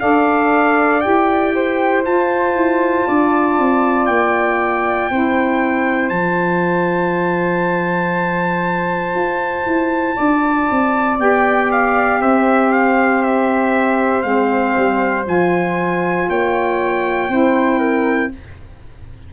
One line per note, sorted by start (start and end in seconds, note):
0.00 1.04 D4
0.00 1.01 A4
0.00 1.54 D5
0.00 1.01 F5
1.01 2.06 E4
1.01 2.03 G4
1.01 2.02 G5
1.55 3.06 C5
2.05 5.10 F4
2.05 2.55 F4
2.05 4.06 A5
2.55 3.06 E4
3.06 3.58 D4
3.06 5.10 D5
3.58 4.08 C4
4.06 5.10 A#3
4.06 6.09 G5
5.10 6.10 C4
5.10 6.12 E4
5.10 10.15 C5
6.09 9.15 F3
6.09 11.19 F4
6.09 11.18 A5
9.15 9.65 F4
9.66 10.17 E4
10.15 10.70 D4
10.15 12.19 D5
10.70 11.19 C4
11.19 12.20 B3
11.19 14.22 G4
11.19 11.71 G5
11.71 12.22 F5
12.20 14.24 C4
12.20 16.27 C5
12.20 12.72 E5
12.73 13.22 F5
13.22 14.22 E5
14.22 14.75 G#3
14.22 15.24 C4
14.22 15.24 F5
14.77 15.26 G3
15.25 16.28 F3
15.25 17.28 F4
15.25 16.29 G#5
16.29 17.29 A#3
16.29 17.31 C#5
16.29 18.33 G5
17.29 18.30 C4
17.29 18.31 E4
17.29 17.78 C5
17.78 18.29 A#4